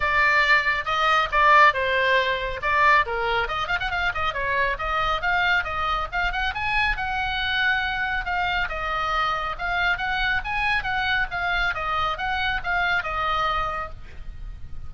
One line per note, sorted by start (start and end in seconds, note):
0.00 0.85 D5
0.85 1.28 D#5
1.31 1.73 D5
1.73 2.60 C5
2.62 3.05 D5
3.06 3.48 A#4
3.48 3.67 D#5
3.67 3.78 F5
3.80 3.90 F#5
3.90 4.12 F5
4.14 4.33 D#5
4.33 4.77 C#5
4.78 5.21 D#5
5.21 5.64 F5
5.64 6.07 D#5
6.11 6.32 F5
6.32 6.53 F#5
6.54 6.96 G#5
6.96 8.25 F#5
8.25 8.68 F5
8.69 9.56 D#5
9.58 9.97 F5
9.97 10.41 F#5
10.44 10.83 G#5
10.83 11.26 F#5
11.30 11.74 F5
11.74 12.17 D#5
12.17 12.61 F#5
12.63 13.03 F5
13.03 13.90 D#5